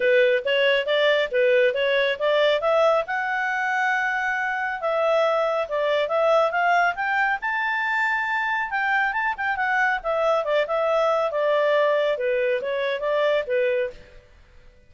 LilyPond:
\new Staff \with { instrumentName = "clarinet" } { \time 4/4 \tempo 4 = 138 b'4 cis''4 d''4 b'4 | cis''4 d''4 e''4 fis''4~ | fis''2. e''4~ | e''4 d''4 e''4 f''4 |
g''4 a''2. | g''4 a''8 g''8 fis''4 e''4 | d''8 e''4. d''2 | b'4 cis''4 d''4 b'4 | }